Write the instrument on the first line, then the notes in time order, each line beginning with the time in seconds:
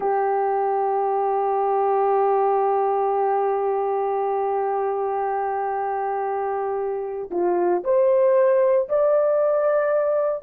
horn
0.00 G4
7.30 F4
7.84 C5
8.88 D5